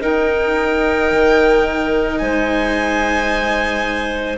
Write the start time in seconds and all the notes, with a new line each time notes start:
0.00 D#4 A#4 G5
1.11 D#3
2.17 G#3 C5 G#5